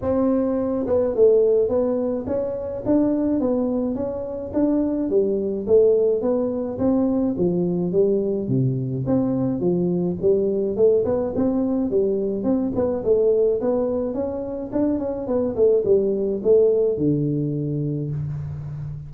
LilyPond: \new Staff \with { instrumentName = "tuba" } { \time 4/4 \tempo 4 = 106 c'4. b8 a4 b4 | cis'4 d'4 b4 cis'4 | d'4 g4 a4 b4 | c'4 f4 g4 c4 |
c'4 f4 g4 a8 b8 | c'4 g4 c'8 b8 a4 | b4 cis'4 d'8 cis'8 b8 a8 | g4 a4 d2 | }